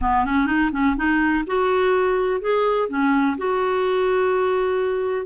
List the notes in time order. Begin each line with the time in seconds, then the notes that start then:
0.01 B3
0.25 C#4
0.46 D#4
0.72 C#4
0.96 D#4
1.46 F#4
2.40 G#4
2.88 C#4
3.37 F#4